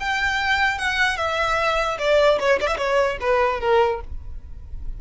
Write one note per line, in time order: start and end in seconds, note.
0.00 0.78 G5
0.78 1.18 F#5
1.18 1.98 E5
1.99 2.39 D5
2.40 2.60 C#5
2.61 2.67 D5
2.67 2.77 E5
2.78 3.18 C#5
3.21 3.61 B4
3.61 4.01 A#4